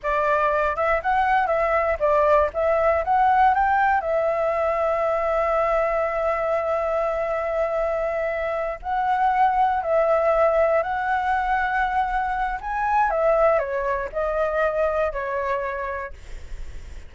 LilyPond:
\new Staff \with { instrumentName = "flute" } { \time 4/4 \tempo 4 = 119 d''4. e''8 fis''4 e''4 | d''4 e''4 fis''4 g''4 | e''1~ | e''1~ |
e''4. fis''2 e''8~ | e''4. fis''2~ fis''8~ | fis''4 gis''4 e''4 cis''4 | dis''2 cis''2 | }